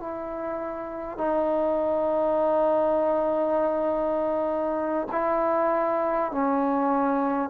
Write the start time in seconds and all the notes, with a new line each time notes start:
0.00 E4
1.17 D#4
5.11 E4
6.31 C#4